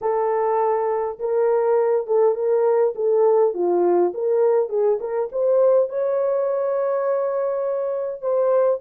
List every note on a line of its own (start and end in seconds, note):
0.01 1.18 A4
1.19 2.06 A#4
2.06 2.34 A4
2.34 2.93 A#4
2.95 3.53 A4
3.54 4.13 F4
4.14 4.69 A#4
4.69 4.98 G#4
4.99 5.29 A#4
5.32 5.89 C5
5.89 8.21 C#5
8.21 8.80 C5